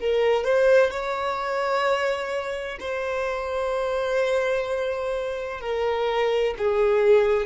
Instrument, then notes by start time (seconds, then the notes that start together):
violin
0.00 A#4
0.44 C5
0.90 C#5
2.79 C5
5.60 A#4
6.58 G#4